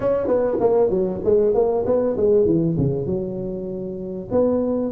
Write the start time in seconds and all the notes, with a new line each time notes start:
0.00 C#4
0.27 B3
0.60 A#3
0.90 F#3
1.24 G#3
1.54 A#3
1.86 B3
2.16 G#3
2.45 E3
2.77 C#3
3.06 F#3
4.31 B3